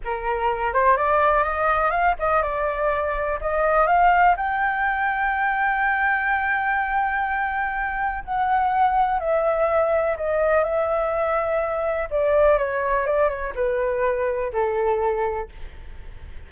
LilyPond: \new Staff \with { instrumentName = "flute" } { \time 4/4 \tempo 4 = 124 ais'4. c''8 d''4 dis''4 | f''8 dis''8 d''2 dis''4 | f''4 g''2.~ | g''1~ |
g''4 fis''2 e''4~ | e''4 dis''4 e''2~ | e''4 d''4 cis''4 d''8 cis''8 | b'2 a'2 | }